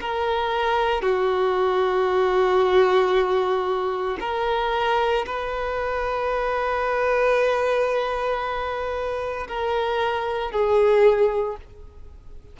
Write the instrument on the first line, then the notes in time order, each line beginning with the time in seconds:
violin
0.00 A#4
1.01 F#4
4.20 A#4
5.26 B4
9.47 A#4
10.51 G#4